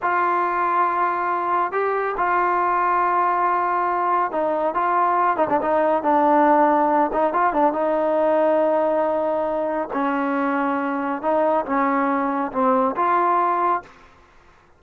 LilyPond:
\new Staff \with { instrumentName = "trombone" } { \time 4/4 \tempo 4 = 139 f'1 | g'4 f'2.~ | f'2 dis'4 f'4~ | f'8 dis'16 d'16 dis'4 d'2~ |
d'8 dis'8 f'8 d'8 dis'2~ | dis'2. cis'4~ | cis'2 dis'4 cis'4~ | cis'4 c'4 f'2 | }